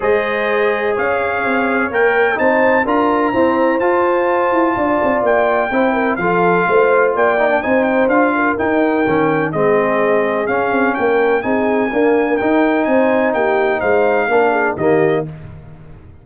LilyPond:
<<
  \new Staff \with { instrumentName = "trumpet" } { \time 4/4 \tempo 4 = 126 dis''2 f''2 | g''4 a''4 ais''2 | a''2. g''4~ | g''4 f''2 g''4 |
gis''8 g''8 f''4 g''2 | dis''2 f''4 g''4 | gis''2 g''4 gis''4 | g''4 f''2 dis''4 | }
  \new Staff \with { instrumentName = "horn" } { \time 4/4 c''2 cis''2~ | cis''4 c''4 ais'4 c''4~ | c''2 d''2 | c''8 ais'8 a'4 c''4 d''4 |
c''4. ais'2~ ais'8 | gis'2. ais'4 | gis'4 ais'2 c''4 | g'4 c''4 ais'8 gis'8 g'4 | }
  \new Staff \with { instrumentName = "trombone" } { \time 4/4 gis'1 | ais'4 dis'4 f'4 c'4 | f'1 | e'4 f'2~ f'8 dis'16 d'16 |
dis'4 f'4 dis'4 cis'4 | c'2 cis'2 | dis'4 ais4 dis'2~ | dis'2 d'4 ais4 | }
  \new Staff \with { instrumentName = "tuba" } { \time 4/4 gis2 cis'4 c'4 | ais4 c'4 d'4 e'4 | f'4. e'8 d'8 c'8 ais4 | c'4 f4 a4 ais4 |
c'4 d'4 dis'4 dis4 | gis2 cis'8 c'8 ais4 | c'4 d'4 dis'4 c'4 | ais4 gis4 ais4 dis4 | }
>>